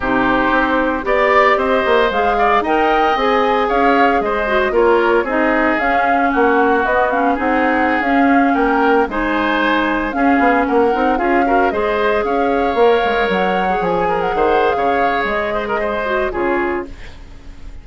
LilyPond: <<
  \new Staff \with { instrumentName = "flute" } { \time 4/4 \tempo 4 = 114 c''2 d''4 dis''4 | f''4 g''4 gis''4 f''4 | dis''4 cis''4 dis''4 f''4 | fis''4 dis''8 f''8 fis''4~ fis''16 f''8.~ |
f''16 g''4 gis''2 f''8.~ | f''16 fis''4 f''4 dis''4 f''8.~ | f''4~ f''16 fis''4 gis''8. fis''4 | f''4 dis''2 cis''4 | }
  \new Staff \with { instrumentName = "oboe" } { \time 4/4 g'2 d''4 c''4~ | c''8 d''8 dis''2 cis''4 | c''4 ais'4 gis'2 | fis'2 gis'2~ |
gis'16 ais'4 c''2 gis'8.~ | gis'16 ais'4 gis'8 ais'8 c''4 cis''8.~ | cis''2~ cis''8. ais'8 c''8. | cis''4. c''16 ais'16 c''4 gis'4 | }
  \new Staff \with { instrumentName = "clarinet" } { \time 4/4 dis'2 g'2 | gis'4 ais'4 gis'2~ | gis'8 fis'8 f'4 dis'4 cis'4~ | cis'4 b8 cis'8 dis'4~ dis'16 cis'8.~ |
cis'4~ cis'16 dis'2 cis'8.~ | cis'8. dis'8 f'8 fis'8 gis'4.~ gis'16~ | gis'16 ais'4.~ ais'16 gis'2~ | gis'2~ gis'8 fis'8 f'4 | }
  \new Staff \with { instrumentName = "bassoon" } { \time 4/4 c4 c'4 b4 c'8 ais8 | gis4 dis'4 c'4 cis'4 | gis4 ais4 c'4 cis'4 | ais4 b4 c'4~ c'16 cis'8.~ |
cis'16 ais4 gis2 cis'8 b16~ | b16 ais8 c'8 cis'4 gis4 cis'8.~ | cis'16 ais8 gis8 fis4 f4 dis8. | cis4 gis2 cis4 | }
>>